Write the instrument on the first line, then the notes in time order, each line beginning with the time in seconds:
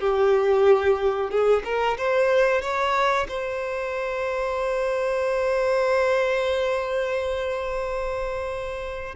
violin
0.00 G4
1.30 G#4
1.65 A#4
1.98 C5
2.62 C#5
3.28 C5